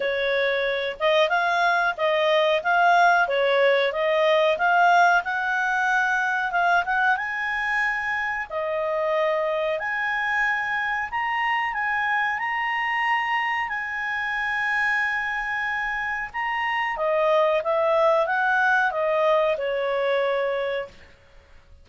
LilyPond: \new Staff \with { instrumentName = "clarinet" } { \time 4/4 \tempo 4 = 92 cis''4. dis''8 f''4 dis''4 | f''4 cis''4 dis''4 f''4 | fis''2 f''8 fis''8 gis''4~ | gis''4 dis''2 gis''4~ |
gis''4 ais''4 gis''4 ais''4~ | ais''4 gis''2.~ | gis''4 ais''4 dis''4 e''4 | fis''4 dis''4 cis''2 | }